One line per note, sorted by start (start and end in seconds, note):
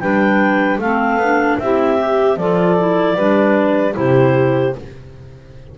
0.00 0.78 G3
0.00 0.80 D4
0.00 0.79 B4
0.00 0.79 G5
0.78 1.17 A3
0.78 1.21 C4
0.78 1.58 A4
0.78 1.59 F5
1.17 1.56 B3
1.17 1.62 D4
1.59 2.37 C4
1.59 1.98 E4
1.59 2.38 G4
1.59 2.38 E5
1.98 2.37 G4
2.37 3.16 F3
2.37 2.78 F4
2.37 3.15 A4
2.37 3.96 D5
2.78 3.17 E4
3.15 3.95 G3
3.15 3.92 D4
3.15 3.94 B4
3.92 4.76 C3
3.92 4.71 E4
3.92 4.75 C5
3.99 4.78 G4